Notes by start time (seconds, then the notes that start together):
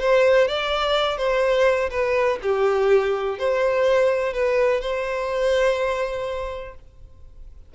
0.00 C5
0.48 D5
1.17 C5
1.90 B4
2.42 G4
3.39 C5
4.34 B4
4.81 C5